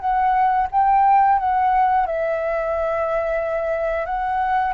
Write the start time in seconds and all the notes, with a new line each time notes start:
0.00 F#5
0.71 G5
1.39 F#5
2.07 E5
4.06 F#5